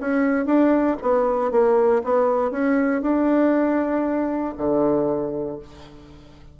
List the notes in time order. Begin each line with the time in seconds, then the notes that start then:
0.00 C#4
0.46 D4
1.02 B3
1.51 A#3
2.04 B3
2.51 C#4
3.02 D4
4.57 D3